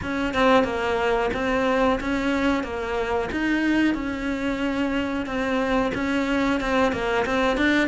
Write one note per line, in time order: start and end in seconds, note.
0.02 0.34 C#4
0.34 0.64 C4
0.64 1.29 A#3
1.33 1.99 C4
2.00 2.63 C#4
2.63 3.29 A#3
3.31 3.94 D#4
3.94 5.25 C#4
5.25 5.91 C4
5.94 6.60 C#4
6.60 6.92 C4
6.92 7.25 A#3
7.25 7.57 C4
7.57 7.88 D4